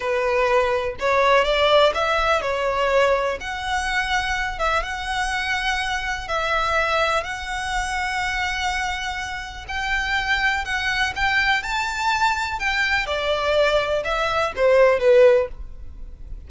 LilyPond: \new Staff \with { instrumentName = "violin" } { \time 4/4 \tempo 4 = 124 b'2 cis''4 d''4 | e''4 cis''2 fis''4~ | fis''4. e''8 fis''2~ | fis''4 e''2 fis''4~ |
fis''1 | g''2 fis''4 g''4 | a''2 g''4 d''4~ | d''4 e''4 c''4 b'4 | }